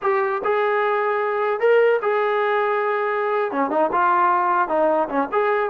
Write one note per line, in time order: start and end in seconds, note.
0.02 0.42 G4
0.44 1.59 G#4
1.59 1.99 A#4
2.02 3.51 G#4
3.51 3.70 C#4
3.70 3.90 D#4
3.92 4.68 F4
4.68 5.08 D#4
5.09 5.29 C#4
5.31 5.69 G#4